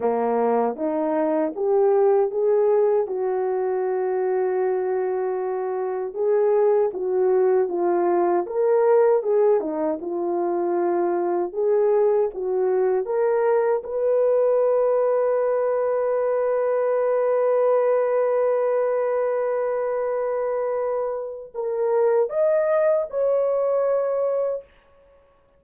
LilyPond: \new Staff \with { instrumentName = "horn" } { \time 4/4 \tempo 4 = 78 ais4 dis'4 g'4 gis'4 | fis'1 | gis'4 fis'4 f'4 ais'4 | gis'8 dis'8 f'2 gis'4 |
fis'4 ais'4 b'2~ | b'1~ | b'1 | ais'4 dis''4 cis''2 | }